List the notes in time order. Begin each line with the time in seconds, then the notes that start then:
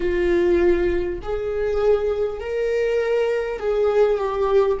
0.00 F4
1.22 G#4
2.39 A#4
3.59 G#4
4.17 G4